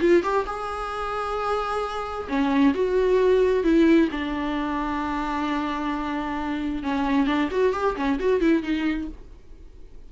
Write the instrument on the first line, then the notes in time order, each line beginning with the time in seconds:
viola
0.00 F4
0.23 G4
0.46 G#4
2.28 C#4
2.74 F#4
3.63 E4
4.11 D4
6.83 C#4
7.26 D4
7.51 F#4
7.73 G4
7.96 C#4
8.19 F#4
8.40 E4
8.62 D#4